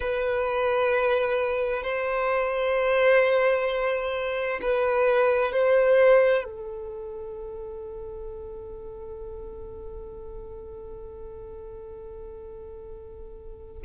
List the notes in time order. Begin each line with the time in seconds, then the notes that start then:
0.00 B4
1.83 C5
4.61 B4
5.52 C5
6.44 A4